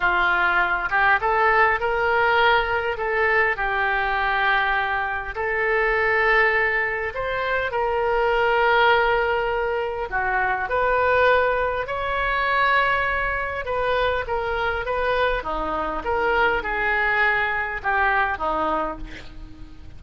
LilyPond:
\new Staff \with { instrumentName = "oboe" } { \time 4/4 \tempo 4 = 101 f'4. g'8 a'4 ais'4~ | ais'4 a'4 g'2~ | g'4 a'2. | c''4 ais'2.~ |
ais'4 fis'4 b'2 | cis''2. b'4 | ais'4 b'4 dis'4 ais'4 | gis'2 g'4 dis'4 | }